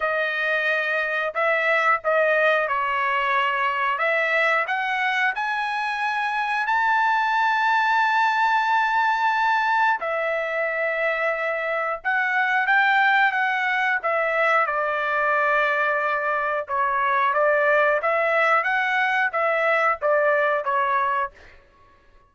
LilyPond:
\new Staff \with { instrumentName = "trumpet" } { \time 4/4 \tempo 4 = 90 dis''2 e''4 dis''4 | cis''2 e''4 fis''4 | gis''2 a''2~ | a''2. e''4~ |
e''2 fis''4 g''4 | fis''4 e''4 d''2~ | d''4 cis''4 d''4 e''4 | fis''4 e''4 d''4 cis''4 | }